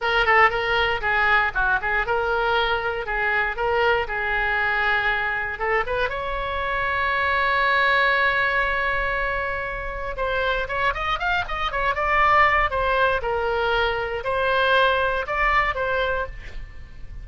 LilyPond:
\new Staff \with { instrumentName = "oboe" } { \time 4/4 \tempo 4 = 118 ais'8 a'8 ais'4 gis'4 fis'8 gis'8 | ais'2 gis'4 ais'4 | gis'2. a'8 b'8 | cis''1~ |
cis''1 | c''4 cis''8 dis''8 f''8 dis''8 cis''8 d''8~ | d''4 c''4 ais'2 | c''2 d''4 c''4 | }